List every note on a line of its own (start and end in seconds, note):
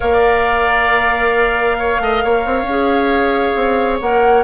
0.00 2.00 A#3
0.00 2.65 A#4
0.00 1.77 D5
0.00 3.98 F5
1.78 2.01 C#5
2.00 2.22 A3
2.00 2.24 D#5
2.24 2.45 A#3
2.24 4.44 C#5
2.45 2.62 C4
2.62 3.51 C#4
2.69 4.01 G#4
3.55 4.00 C4
3.99 4.44 A#3
3.99 4.44 A#4
3.99 4.44 F#5